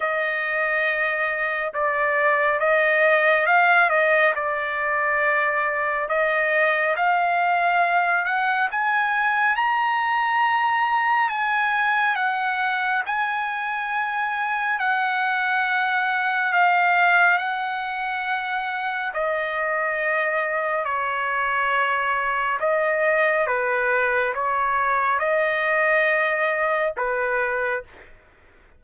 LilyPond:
\new Staff \with { instrumentName = "trumpet" } { \time 4/4 \tempo 4 = 69 dis''2 d''4 dis''4 | f''8 dis''8 d''2 dis''4 | f''4. fis''8 gis''4 ais''4~ | ais''4 gis''4 fis''4 gis''4~ |
gis''4 fis''2 f''4 | fis''2 dis''2 | cis''2 dis''4 b'4 | cis''4 dis''2 b'4 | }